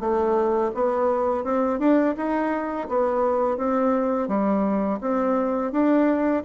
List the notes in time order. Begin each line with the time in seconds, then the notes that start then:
0.00 A3
0.75 B3
1.44 C4
1.80 D4
2.17 D#4
2.89 B3
3.58 C4
4.28 G3
5.01 C4
5.72 D4